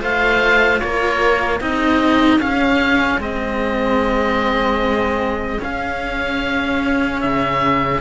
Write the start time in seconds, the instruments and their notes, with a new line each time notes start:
0.00 cello A3 F4, viola C5, oboe F5
0.80 cello A#3, viola A#4, oboe C#5
1.61 cello C4 D#4, viola G#4, oboe D#5
2.38 cello C#4, oboe F5
3.19 cello G#3 C4, oboe D#5
5.59 cello C#4, oboe F5
7.22 cello C#3, oboe E5